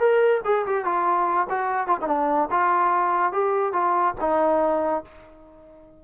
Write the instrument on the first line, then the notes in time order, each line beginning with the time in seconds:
trombone
0.00 A#4
0.45 G#4
0.67 G4
0.85 F4
1.50 F#4
1.88 F4
2.02 D#4
2.08 D4
2.52 F4
3.33 G4
3.73 F4
4.21 D#4